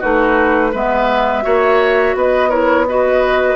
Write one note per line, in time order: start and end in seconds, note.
0.00 0.74 A3
0.00 0.73 D#4
0.00 0.71 F#4
0.00 0.74 B4
0.72 1.45 G#3
0.72 1.42 B3
0.72 1.44 B4
0.72 2.17 E5
1.42 2.15 A#3
1.42 2.50 F#4
1.42 2.16 C#5
2.15 3.57 B3
2.15 2.50 B4
2.15 2.51 D#5
2.50 2.86 E4
2.50 2.86 A#4
2.50 2.86 C#5
2.88 3.57 F#4
2.88 3.57 B4
2.88 3.57 D#5